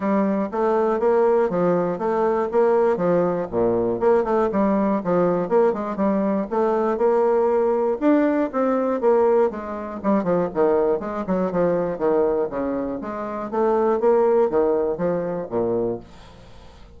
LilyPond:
\new Staff \with { instrumentName = "bassoon" } { \time 4/4 \tempo 4 = 120 g4 a4 ais4 f4 | a4 ais4 f4 ais,4 | ais8 a8 g4 f4 ais8 gis8 | g4 a4 ais2 |
d'4 c'4 ais4 gis4 | g8 f8 dis4 gis8 fis8 f4 | dis4 cis4 gis4 a4 | ais4 dis4 f4 ais,4 | }